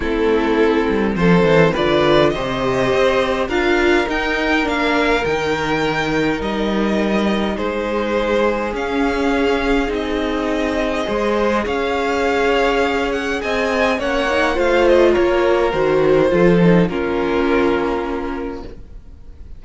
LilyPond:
<<
  \new Staff \with { instrumentName = "violin" } { \time 4/4 \tempo 4 = 103 a'2 c''4 d''4 | dis''2 f''4 g''4 | f''4 g''2 dis''4~ | dis''4 c''2 f''4~ |
f''4 dis''2. | f''2~ f''8 fis''8 gis''4 | fis''4 f''8 dis''8 cis''4 c''4~ | c''4 ais'2. | }
  \new Staff \with { instrumentName = "violin" } { \time 4/4 e'2 a'4 b'4 | c''2 ais'2~ | ais'1~ | ais'4 gis'2.~ |
gis'2. c''4 | cis''2. dis''4 | cis''4 c''4 ais'2 | a'4 f'2. | }
  \new Staff \with { instrumentName = "viola" } { \time 4/4 c'2. f'4 | g'2 f'4 dis'4 | d'4 dis'2.~ | dis'2. cis'4~ |
cis'4 dis'2 gis'4~ | gis'1 | cis'8 dis'8 f'2 fis'4 | f'8 dis'8 cis'2. | }
  \new Staff \with { instrumentName = "cello" } { \time 4/4 a4. g8 f8 e8 d4 | c4 c'4 d'4 dis'4 | ais4 dis2 g4~ | g4 gis2 cis'4~ |
cis'4 c'2 gis4 | cis'2. c'4 | ais4 a4 ais4 dis4 | f4 ais2. | }
>>